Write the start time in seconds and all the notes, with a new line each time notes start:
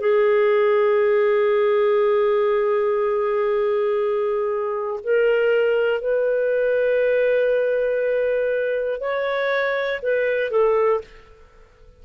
0.00 G#4
5.04 A#4
6.01 B4
9.00 C#5
10.02 B4
10.51 A4